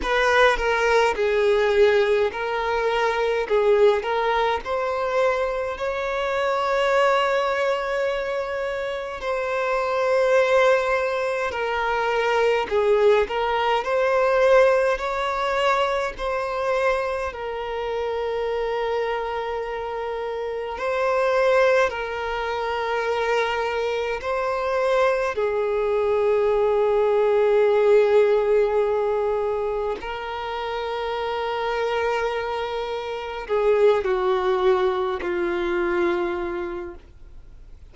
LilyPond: \new Staff \with { instrumentName = "violin" } { \time 4/4 \tempo 4 = 52 b'8 ais'8 gis'4 ais'4 gis'8 ais'8 | c''4 cis''2. | c''2 ais'4 gis'8 ais'8 | c''4 cis''4 c''4 ais'4~ |
ais'2 c''4 ais'4~ | ais'4 c''4 gis'2~ | gis'2 ais'2~ | ais'4 gis'8 fis'4 f'4. | }